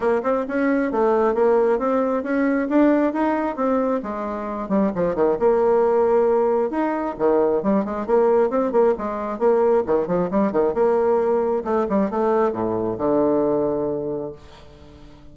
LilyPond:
\new Staff \with { instrumentName = "bassoon" } { \time 4/4 \tempo 4 = 134 ais8 c'8 cis'4 a4 ais4 | c'4 cis'4 d'4 dis'4 | c'4 gis4. g8 f8 dis8 | ais2. dis'4 |
dis4 g8 gis8 ais4 c'8 ais8 | gis4 ais4 dis8 f8 g8 dis8 | ais2 a8 g8 a4 | a,4 d2. | }